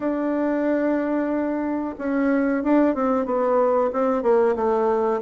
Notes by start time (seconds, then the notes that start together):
0.00 D4
1.98 C#4
2.63 D4
2.94 C4
3.25 B3
3.92 C4
4.22 A#3
4.55 A3